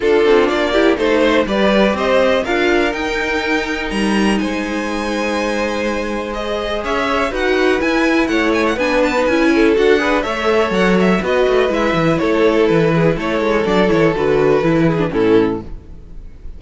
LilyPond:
<<
  \new Staff \with { instrumentName = "violin" } { \time 4/4 \tempo 4 = 123 a'4 d''4 c''4 d''4 | dis''4 f''4 g''2 | ais''4 gis''2.~ | gis''4 dis''4 e''4 fis''4 |
gis''4 fis''8 gis''16 fis''16 gis''8 a''8 gis''4 | fis''4 e''4 fis''8 e''8 dis''4 | e''4 cis''4 b'4 cis''4 | d''8 cis''8 b'2 a'4 | }
  \new Staff \with { instrumentName = "violin" } { \time 4/4 f'4. g'8 a'8 c''8 b'4 | c''4 ais'2.~ | ais'4 c''2.~ | c''2 cis''4 b'4~ |
b'4 cis''4 b'4. a'8~ | a'8 b'8 cis''2 b'4~ | b'4 a'4. gis'8 a'4~ | a'2~ a'8 gis'8 e'4 | }
  \new Staff \with { instrumentName = "viola" } { \time 4/4 d'4. e'8 dis'4 g'4~ | g'4 f'4 dis'2~ | dis'1~ | dis'4 gis'2 fis'4 |
e'2 d'8. dis'16 e'4 | fis'8 gis'8 a'2 fis'4 | e'1 | d'8 e'8 fis'4 e'8. d'16 cis'4 | }
  \new Staff \with { instrumentName = "cello" } { \time 4/4 d'8 c'8 ais4 a4 g4 | c'4 d'4 dis'2 | g4 gis2.~ | gis2 cis'4 dis'4 |
e'4 a4 b4 cis'4 | d'4 a4 fis4 b8 a8 | gis8 e8 a4 e4 a8 gis8 | fis8 e8 d4 e4 a,4 | }
>>